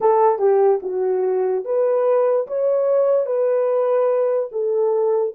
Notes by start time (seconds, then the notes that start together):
0.00 A4
0.38 G4
0.82 F#4
1.64 B4
2.47 C#5
3.26 B4
4.51 A4